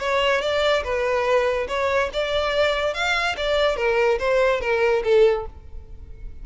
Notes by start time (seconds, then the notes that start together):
0.00 C#5
0.42 D5
0.84 B4
1.68 C#5
2.13 D5
2.94 F5
3.37 D5
3.77 A#4
4.19 C5
4.61 A#4
5.04 A4